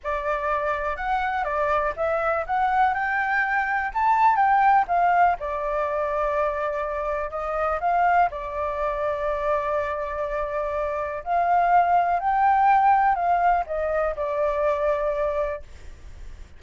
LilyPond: \new Staff \with { instrumentName = "flute" } { \time 4/4 \tempo 4 = 123 d''2 fis''4 d''4 | e''4 fis''4 g''2 | a''4 g''4 f''4 d''4~ | d''2. dis''4 |
f''4 d''2.~ | d''2. f''4~ | f''4 g''2 f''4 | dis''4 d''2. | }